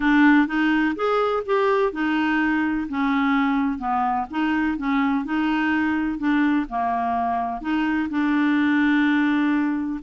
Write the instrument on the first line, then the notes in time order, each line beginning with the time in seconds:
clarinet
0.00 D4
0.47 D#4
0.95 G#4
1.45 G4
1.92 D#4
2.89 C#4
3.78 B3
4.30 D#4
4.77 C#4
5.24 D#4
6.18 D4
6.69 A#3
7.61 D#4
8.09 D4